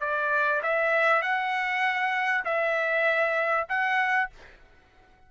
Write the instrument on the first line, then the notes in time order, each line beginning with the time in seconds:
trumpet
0.00 D5
0.63 E5
1.22 F#5
2.45 E5
3.68 F#5